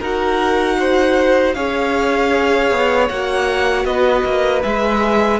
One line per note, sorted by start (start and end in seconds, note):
0.00 1.55 D#4
0.00 1.56 F#4
0.00 0.77 A#4
0.00 1.54 F#5
0.79 1.56 C5
1.54 2.71 C#4
1.54 3.10 G#4
1.54 3.86 C#5
1.54 3.08 F5
2.71 3.10 B3
3.09 3.85 A#3
3.09 4.63 F#4
3.09 3.85 F#5
3.85 4.23 B3
3.85 5.40 B4
3.85 4.62 D#5
4.25 4.63 A#3
4.63 5.40 G#3
4.63 5.40 G#4
4.63 5.40 E5